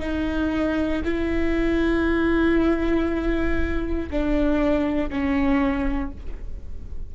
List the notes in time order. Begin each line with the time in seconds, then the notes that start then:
0.00 D#4
1.04 E4
4.10 D4
5.09 C#4